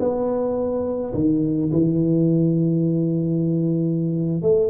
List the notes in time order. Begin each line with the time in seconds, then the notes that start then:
0.00 B3
1.14 D#3
1.73 E3
4.42 A3